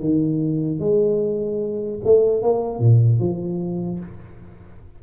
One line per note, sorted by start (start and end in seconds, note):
0.00 0.80 D#3
0.80 2.00 G#3
2.05 2.43 A3
2.43 2.80 A#3
2.80 3.20 A#2
3.20 4.00 F3